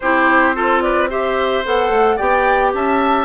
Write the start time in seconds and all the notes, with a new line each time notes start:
0.00 C4 E4 G4 C5
0.55 F4 A4
0.81 B4 D5
1.09 G4 C5 E5
1.64 B3 A4 F#5
1.89 A3
2.16 B3 G4 D5 G5
2.73 C#4 E5 A5